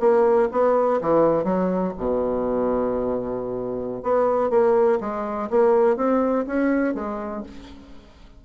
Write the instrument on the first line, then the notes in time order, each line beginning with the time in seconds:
bassoon
0.00 A#3
0.51 B3
1.01 E3
1.44 F#3
1.98 B2
4.03 B3
4.50 A#3
5.00 G#3
5.50 A#3
5.96 C4
6.47 C#4
6.94 G#3